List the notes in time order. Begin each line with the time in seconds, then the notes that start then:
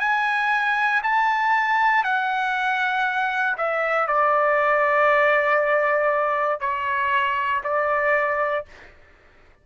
0.00 G#5
1.03 A5
2.04 F#5
3.58 E5
4.08 D5
6.60 C#5
7.64 D5